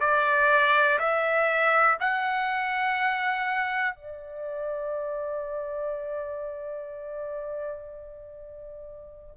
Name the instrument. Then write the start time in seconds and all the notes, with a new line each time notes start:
trumpet
0.00 D5
0.99 E5
2.00 F#5
3.95 D5